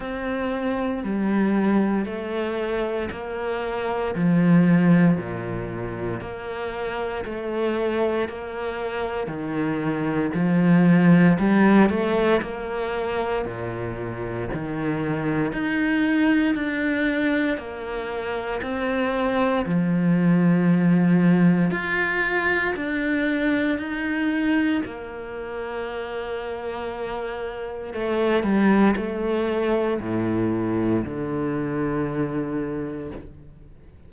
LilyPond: \new Staff \with { instrumentName = "cello" } { \time 4/4 \tempo 4 = 58 c'4 g4 a4 ais4 | f4 ais,4 ais4 a4 | ais4 dis4 f4 g8 a8 | ais4 ais,4 dis4 dis'4 |
d'4 ais4 c'4 f4~ | f4 f'4 d'4 dis'4 | ais2. a8 g8 | a4 a,4 d2 | }